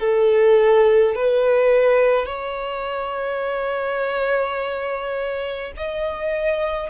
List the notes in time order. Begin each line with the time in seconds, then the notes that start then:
0.00 A4
1.15 B4
2.27 C#5
5.77 D#5